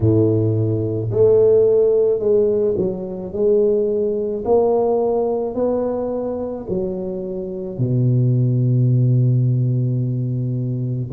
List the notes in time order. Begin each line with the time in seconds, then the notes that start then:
0.00 A2
1.11 A3
2.19 G#3
2.77 F#3
3.32 G#3
4.44 A#3
5.55 B3
6.69 F#3
7.78 B2